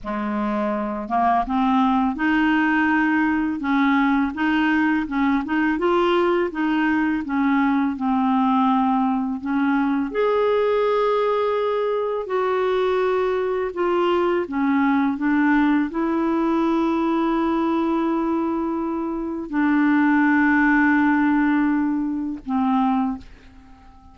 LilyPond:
\new Staff \with { instrumentName = "clarinet" } { \time 4/4 \tempo 4 = 83 gis4. ais8 c'4 dis'4~ | dis'4 cis'4 dis'4 cis'8 dis'8 | f'4 dis'4 cis'4 c'4~ | c'4 cis'4 gis'2~ |
gis'4 fis'2 f'4 | cis'4 d'4 e'2~ | e'2. d'4~ | d'2. c'4 | }